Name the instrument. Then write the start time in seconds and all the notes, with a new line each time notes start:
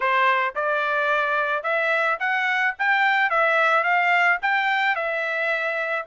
trumpet
0.00 C5
0.55 D5
1.63 E5
2.19 F#5
2.78 G5
3.30 E5
3.83 F5
4.42 G5
4.95 E5